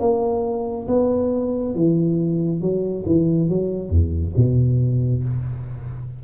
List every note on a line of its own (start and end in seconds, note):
0.00 0.87 A#3
0.88 1.75 B3
1.75 2.61 E3
2.61 3.04 F#3
3.06 3.49 E3
3.49 3.89 F#3
3.89 4.33 E2
4.36 5.23 B2